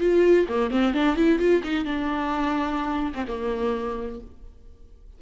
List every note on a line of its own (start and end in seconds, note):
0.00 0.47 F4
0.48 0.70 A#3
0.70 0.93 C4
0.93 1.16 D4
1.16 1.38 E4
1.38 1.62 F4
1.63 1.85 D#4
1.85 3.12 D4
3.14 3.25 C4
3.27 4.20 A#3